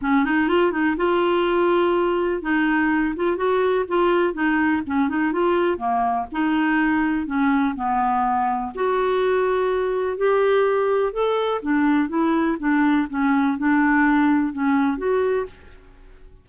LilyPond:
\new Staff \with { instrumentName = "clarinet" } { \time 4/4 \tempo 4 = 124 cis'8 dis'8 f'8 dis'8 f'2~ | f'4 dis'4. f'8 fis'4 | f'4 dis'4 cis'8 dis'8 f'4 | ais4 dis'2 cis'4 |
b2 fis'2~ | fis'4 g'2 a'4 | d'4 e'4 d'4 cis'4 | d'2 cis'4 fis'4 | }